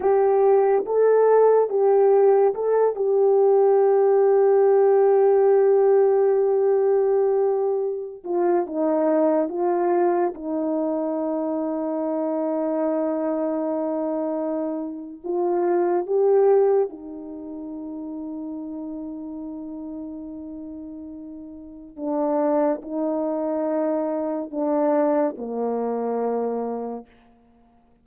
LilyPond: \new Staff \with { instrumentName = "horn" } { \time 4/4 \tempo 4 = 71 g'4 a'4 g'4 a'8 g'8~ | g'1~ | g'4.~ g'16 f'8 dis'4 f'8.~ | f'16 dis'2.~ dis'8.~ |
dis'2 f'4 g'4 | dis'1~ | dis'2 d'4 dis'4~ | dis'4 d'4 ais2 | }